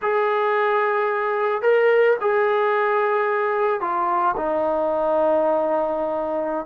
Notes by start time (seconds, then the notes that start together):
0.02 G#4
1.62 A#4
2.20 G#4
3.80 F4
4.37 D#4